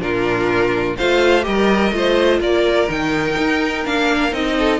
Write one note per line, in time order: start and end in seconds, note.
0.00 0.96 A#2
0.00 0.96 D4
0.00 0.97 F4
0.00 0.98 A#4
0.97 1.47 A3
0.97 1.43 F4
0.97 1.46 C5
0.97 1.45 F5
1.43 1.92 G3
1.43 1.91 G4
1.43 1.95 A#4
1.43 2.41 D#5
1.92 2.40 A3
1.92 2.88 F4
1.92 2.40 C5
2.40 2.89 A#3
2.40 4.56 A#4
2.40 2.90 D5
2.88 3.38 D#3
2.88 3.84 D#4
2.88 3.86 G5
3.38 3.86 D#4
3.86 4.33 A#3
3.86 4.32 D4
3.86 4.34 F5
4.32 4.80 C4
4.32 4.79 D#4
4.32 4.80 D#5
4.59 4.80 A4